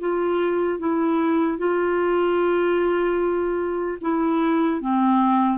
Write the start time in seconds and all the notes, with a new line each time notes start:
0.00 F4
0.79 E4
1.58 F4
4.01 E4
4.81 C4